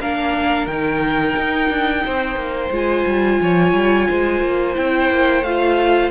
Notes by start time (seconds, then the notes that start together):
0.00 A#3 D4 A#4 F5
0.67 D#3 D#4 G5
1.37 D#4
1.70 D4
2.05 C4 C5
2.36 A#3
2.71 G#3 F4 G#5
3.07 G3
3.41 F3 C#5
3.74 G3
4.09 G#3 C5
4.42 A#3
4.75 C4 E4 G5
5.11 A#3
5.42 A3 F4 F5